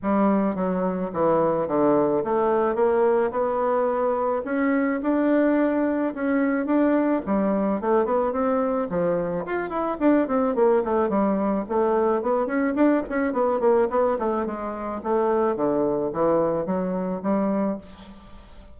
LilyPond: \new Staff \with { instrumentName = "bassoon" } { \time 4/4 \tempo 4 = 108 g4 fis4 e4 d4 | a4 ais4 b2 | cis'4 d'2 cis'4 | d'4 g4 a8 b8 c'4 |
f4 f'8 e'8 d'8 c'8 ais8 a8 | g4 a4 b8 cis'8 d'8 cis'8 | b8 ais8 b8 a8 gis4 a4 | d4 e4 fis4 g4 | }